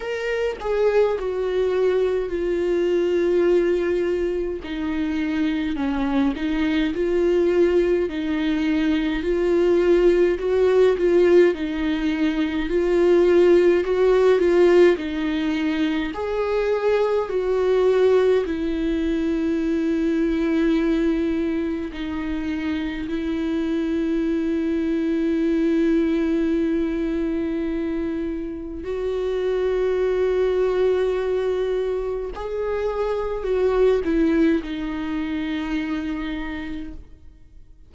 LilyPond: \new Staff \with { instrumentName = "viola" } { \time 4/4 \tempo 4 = 52 ais'8 gis'8 fis'4 f'2 | dis'4 cis'8 dis'8 f'4 dis'4 | f'4 fis'8 f'8 dis'4 f'4 | fis'8 f'8 dis'4 gis'4 fis'4 |
e'2. dis'4 | e'1~ | e'4 fis'2. | gis'4 fis'8 e'8 dis'2 | }